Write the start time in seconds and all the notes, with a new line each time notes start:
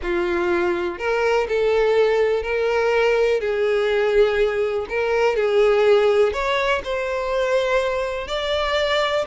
0.02 F4
0.98 A#4
1.48 A4
2.43 A#4
3.40 G#4
4.89 A#4
5.35 G#4
6.33 C#5
6.84 C5
8.27 D5